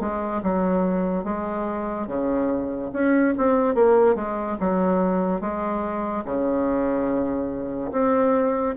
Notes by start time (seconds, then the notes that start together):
0.00 G#3
0.43 F#3
1.24 G#3
2.07 C#3
2.92 C#4
3.37 C4
3.75 A#3
4.15 G#3
4.60 F#3
5.41 G#3
6.25 C#3
7.92 C4